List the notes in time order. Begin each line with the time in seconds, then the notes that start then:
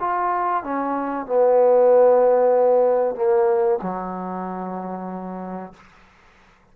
0.00 F4
0.64 C#4
1.26 B3
3.15 A#3
3.82 F#3